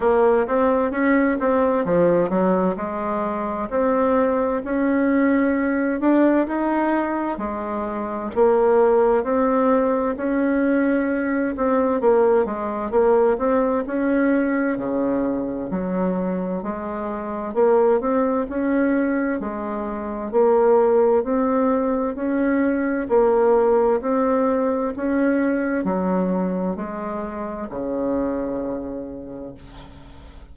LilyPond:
\new Staff \with { instrumentName = "bassoon" } { \time 4/4 \tempo 4 = 65 ais8 c'8 cis'8 c'8 f8 fis8 gis4 | c'4 cis'4. d'8 dis'4 | gis4 ais4 c'4 cis'4~ | cis'8 c'8 ais8 gis8 ais8 c'8 cis'4 |
cis4 fis4 gis4 ais8 c'8 | cis'4 gis4 ais4 c'4 | cis'4 ais4 c'4 cis'4 | fis4 gis4 cis2 | }